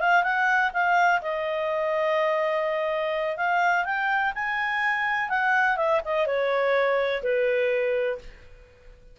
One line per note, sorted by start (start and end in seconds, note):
0.00 0.24 F5
0.24 0.72 F#5
0.73 1.21 F5
1.22 3.37 D#5
3.37 3.85 F5
3.85 4.33 G5
4.35 5.29 G#5
5.29 5.77 F#5
5.77 6.01 E5
6.05 6.26 D#5
6.26 7.22 C#5
7.23 8.19 B4